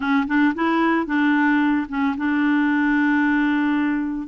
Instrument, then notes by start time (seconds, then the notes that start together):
clarinet
0.00 C#4
0.27 D4
0.55 E4
1.06 D4
1.88 C#4
2.17 D4